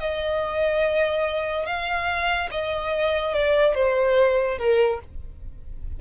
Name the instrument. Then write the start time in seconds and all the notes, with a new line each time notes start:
violin
0.00 D#5
1.66 F5
2.51 D#5
3.34 D5
3.75 C5
4.58 A#4